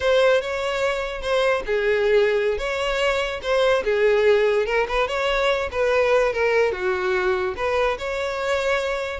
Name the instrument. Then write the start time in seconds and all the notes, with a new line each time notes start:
violin
0.00 C5
0.41 C#5
1.21 C5
1.66 G#4
2.57 C#5
3.42 C5
3.84 G#4
4.66 A#4
4.88 B4
5.07 C#5
5.71 B4
6.33 A#4
6.71 F#4
7.56 B4
7.98 C#5